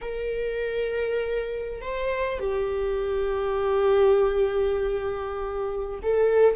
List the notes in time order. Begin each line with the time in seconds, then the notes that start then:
0.01 A#4
1.81 C5
2.39 G4
6.02 A4